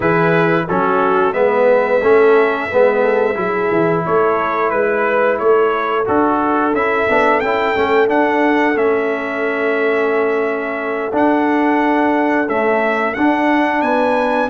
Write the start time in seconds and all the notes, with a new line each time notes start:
0.00 E3 E4 G#4 B4
0.68 F#3 C#4 F#4 A4
1.33 G#3 B3 B4 E5
2.02 A3 C#4 A4
2.71 G#3 B3 B4
3.02 A4
3.34 F#3 E4 G#4
3.71 E3
4.05 A3 A4 C#5
4.70 G#3 B4
5.38 A3 A4 C#5
6.04 D4 F#4 A4
6.72 C#4 E4 E5
7.09 B3 D4
7.40 C#4 E4 G5
7.75 A3 C#4
8.07 D4 F#5
8.75 A3 C#4 E5
11.12 D4 F#5
12.47 A3 C#4 E5
13.14 D4 F#5
13.81 B3 B4 G#5